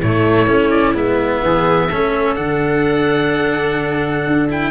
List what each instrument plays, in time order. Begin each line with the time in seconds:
0.00 tuba A2, cello A3, viola E4, oboe C#5
0.47 tuba A3, cello C#4
0.70 oboe D5
0.94 tuba G#3, cello B3, oboe E5
1.42 tuba E3, viola G#4
1.90 tuba A3, cello C#4, viola A4
2.35 tuba D3, cello D4, oboe F#5
4.27 tuba D4
4.49 cello E4, oboe G5